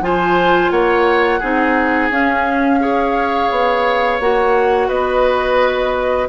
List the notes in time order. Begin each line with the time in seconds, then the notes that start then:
0.00 F3 F4 C5 G#5
0.71 A#3 C#5 F#5
1.40 C4 D#4 G#4
2.10 C#4 F5
2.80 G#4 C#5
3.50 B3
4.20 A#3 F#4 F#5
4.88 B3 B4 D#5